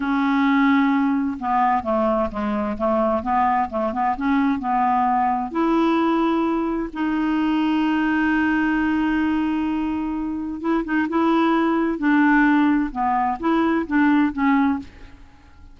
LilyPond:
\new Staff \with { instrumentName = "clarinet" } { \time 4/4 \tempo 4 = 130 cis'2. b4 | a4 gis4 a4 b4 | a8 b8 cis'4 b2 | e'2. dis'4~ |
dis'1~ | dis'2. e'8 dis'8 | e'2 d'2 | b4 e'4 d'4 cis'4 | }